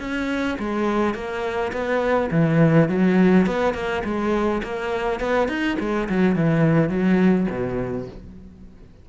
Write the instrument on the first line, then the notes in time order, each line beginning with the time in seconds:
cello
0.00 C#4
0.59 G#3
1.14 A#3
1.73 B3
2.31 E3
2.89 F#3
3.47 B3
3.74 A#3
4.05 G#3
4.63 A#3
5.20 B3
5.49 D#4
5.80 G#3
6.09 F#3
6.36 E3
6.89 F#3
7.50 B2